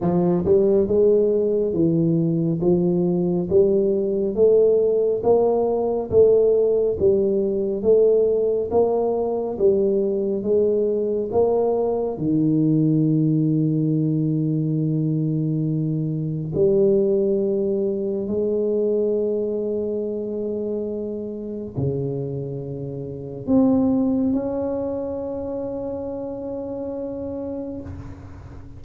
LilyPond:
\new Staff \with { instrumentName = "tuba" } { \time 4/4 \tempo 4 = 69 f8 g8 gis4 e4 f4 | g4 a4 ais4 a4 | g4 a4 ais4 g4 | gis4 ais4 dis2~ |
dis2. g4~ | g4 gis2.~ | gis4 cis2 c'4 | cis'1 | }